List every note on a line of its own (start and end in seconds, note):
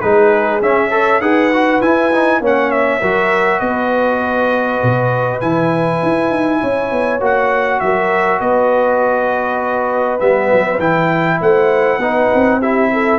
0.00 0.61 G#3
0.00 0.61 D#4
0.00 0.90 G#4
0.00 0.60 B4
0.61 1.20 C#4
0.61 0.90 C#4
0.61 1.21 E5
0.90 1.20 A4
0.90 1.20 C#5
1.20 1.80 D#4
1.20 1.51 G#4
1.20 2.41 B4
1.20 1.81 F#5
1.53 1.81 F#4
1.81 2.40 E4
1.81 2.11 E4
1.81 2.41 G#5
2.12 2.42 D#4
2.40 3.00 A#3
2.40 3.02 C#4
2.40 3.00 C#5
2.40 2.71 F#5
2.71 3.59 E5
3.00 3.60 F#3
3.00 5.41 F#4
3.00 3.59 A#4
3.59 4.80 B3
3.59 6.59 B4
3.59 5.39 D#5
4.83 5.42 B2
5.40 6.02 E3
5.40 7.20 E4
5.40 7.20 G#5
6.02 6.30 E4
6.30 6.60 D#4
6.61 6.91 C#4
6.61 7.81 C#5
6.91 7.20 B3
7.20 7.80 A#3
7.20 10.19 F#4
7.20 7.79 F#5
7.79 8.40 F#3
7.79 8.39 A#4
7.79 8.39 E5
8.39 10.20 B3
8.39 11.39 B4
8.39 10.19 D#5
10.19 10.51 G3
10.19 10.79 B3
10.19 10.79 E5
10.51 10.78 F#3
10.78 11.38 E3
10.78 12.00 E4
10.78 11.40 G5
11.41 11.98 A3
11.41 11.99 C5
11.41 12.61 F#5
11.98 12.28 B3
11.98 12.61 D#4
11.98 12.59 B4
12.34 13.18 C4
12.60 13.18 E4
12.60 12.90 G4
12.60 13.18 E5
12.92 13.18 A4